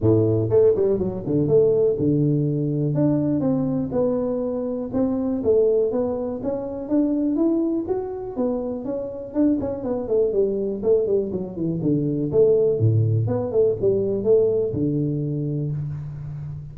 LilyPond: \new Staff \with { instrumentName = "tuba" } { \time 4/4 \tempo 4 = 122 a,4 a8 g8 fis8 d8 a4 | d2 d'4 c'4 | b2 c'4 a4 | b4 cis'4 d'4 e'4 |
fis'4 b4 cis'4 d'8 cis'8 | b8 a8 g4 a8 g8 fis8 e8 | d4 a4 a,4 b8 a8 | g4 a4 d2 | }